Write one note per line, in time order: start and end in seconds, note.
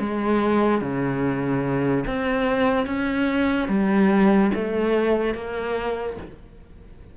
0.00 0.81 G#3
0.81 2.05 C#3
2.07 2.87 C4
2.87 3.69 C#4
3.69 4.51 G3
4.55 5.35 A3
5.35 6.17 A#3